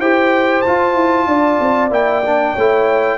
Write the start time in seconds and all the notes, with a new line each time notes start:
0.00 E4 G4 C5 G5
0.62 F4 A5
0.95 E4
1.27 D4 D5
1.61 C4
1.91 A#3 E4 G5
2.26 D4
2.54 A3 E4 C#5